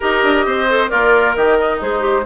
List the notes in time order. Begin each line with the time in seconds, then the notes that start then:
0.00 D#4 G4 A#4 D#5
0.23 D4
0.45 C4 C5
0.69 A4
0.88 A#3 F4 A#4 D5
1.35 D#3 G4 D#5
1.57 D#4
1.80 G#3 G#4 C5
1.99 G4